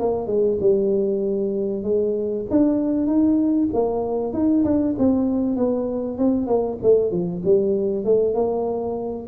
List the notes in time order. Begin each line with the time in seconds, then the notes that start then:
0.00 A#3
0.27 G#3
0.60 G3
1.83 G#3
2.51 D4
3.07 D#4
3.73 A#3
4.33 D#4
4.64 D4
4.99 C4
5.57 B3
6.18 C4
6.47 A#3
6.83 A3
7.11 F3
7.45 G3
8.05 A3
8.34 A#3